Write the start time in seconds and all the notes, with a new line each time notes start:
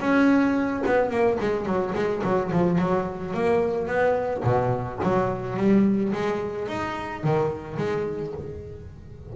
0.00 C#4
0.86 B3
1.10 A#3
1.40 G#3
1.66 F#3
1.95 G#3
2.23 F#3
2.52 F3
2.78 F#3
3.34 A#3
3.87 B3
4.43 B2
5.03 F#3
5.57 G3
6.13 G#3
6.68 D#4
7.23 D#3
7.77 G#3